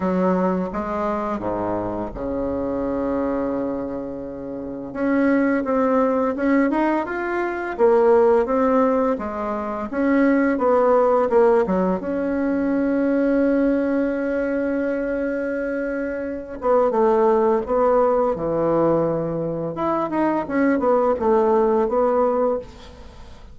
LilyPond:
\new Staff \with { instrumentName = "bassoon" } { \time 4/4 \tempo 4 = 85 fis4 gis4 gis,4 cis4~ | cis2. cis'4 | c'4 cis'8 dis'8 f'4 ais4 | c'4 gis4 cis'4 b4 |
ais8 fis8 cis'2.~ | cis'2.~ cis'8 b8 | a4 b4 e2 | e'8 dis'8 cis'8 b8 a4 b4 | }